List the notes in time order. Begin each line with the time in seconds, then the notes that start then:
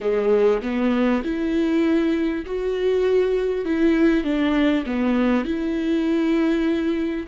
0.01 G#3
0.62 B3
1.24 E4
2.45 F#4
3.65 E4
4.23 D4
4.86 B3
5.45 E4